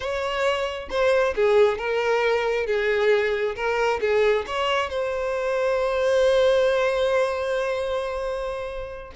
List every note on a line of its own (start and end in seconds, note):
0.00 0.88 C#5
0.89 1.34 C5
1.35 1.78 G#4
1.78 2.66 A#4
2.66 3.55 G#4
3.55 4.00 A#4
4.00 4.45 G#4
4.47 4.89 C#5
4.89 9.12 C5